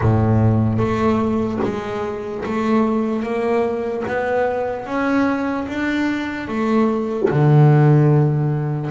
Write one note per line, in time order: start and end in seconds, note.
0.01 0.78 A2
0.78 1.59 A3
1.63 2.44 G#3
2.45 3.22 A3
3.22 4.03 A#3
4.07 4.86 B3
4.86 5.67 C#4
5.68 6.48 D4
6.48 7.29 A3
7.30 8.90 D3